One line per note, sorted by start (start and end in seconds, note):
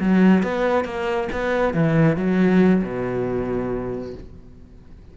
0.00 0.43 F#3
0.43 0.85 B3
0.85 1.28 A#3
1.32 1.74 B3
1.74 2.17 E3
2.17 2.82 F#3
2.83 4.14 B2